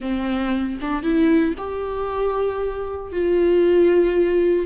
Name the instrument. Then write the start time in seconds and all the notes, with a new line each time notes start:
viola
0.00 C4
0.81 D4
1.02 E4
1.57 G4
3.12 F4